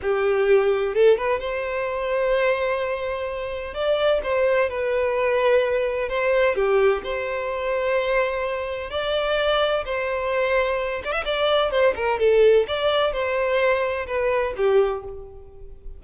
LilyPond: \new Staff \with { instrumentName = "violin" } { \time 4/4 \tempo 4 = 128 g'2 a'8 b'8 c''4~ | c''1 | d''4 c''4 b'2~ | b'4 c''4 g'4 c''4~ |
c''2. d''4~ | d''4 c''2~ c''8 d''16 e''16 | d''4 c''8 ais'8 a'4 d''4 | c''2 b'4 g'4 | }